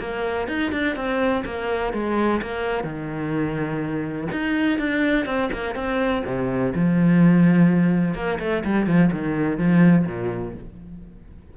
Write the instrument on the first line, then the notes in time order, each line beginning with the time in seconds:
cello
0.00 A#3
0.48 D#4
0.72 D4
0.96 C4
1.45 A#3
1.93 G#3
2.42 A#3
2.84 D#3
4.32 D#4
4.78 D4
5.26 C4
5.53 A#3
5.75 C4
6.26 C3
6.75 F3
8.15 A#3
8.40 A3
8.65 G3
8.87 F3
9.12 D#3
9.58 F3
10.06 A#2